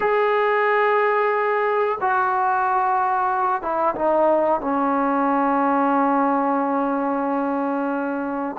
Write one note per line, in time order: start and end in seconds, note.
0.00 1.98 G#4
2.00 3.61 F#4
3.61 3.94 E4
3.95 4.60 D#4
4.60 8.56 C#4